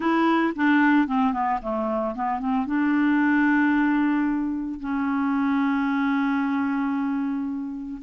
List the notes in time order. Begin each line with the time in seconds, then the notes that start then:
0.00 E4
0.55 D4
1.07 C4
1.33 B3
1.62 A3
2.15 B3
2.39 C4
2.66 D4
4.80 C#4